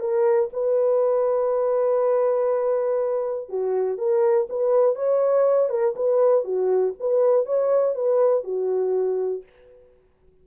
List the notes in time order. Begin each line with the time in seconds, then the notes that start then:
0.00 A#4
0.53 B4
3.49 F#4
3.98 A#4
4.49 B4
4.95 C#5
5.70 A#4
5.96 B4
6.44 F#4
7.00 B4
7.46 C#5
7.95 B4
8.44 F#4